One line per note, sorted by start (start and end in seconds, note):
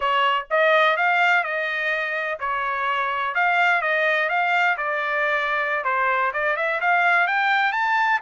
0.00 0.46 C#5
0.50 0.96 D#5
0.96 1.43 F5
1.43 2.38 D#5
2.39 3.34 C#5
3.34 3.81 F5
3.81 4.29 D#5
4.29 4.77 F5
4.77 5.84 D5
5.84 6.32 C5
6.33 6.56 D5
6.56 6.80 E5
6.81 7.27 F5
7.27 7.72 G5
7.72 8.20 A5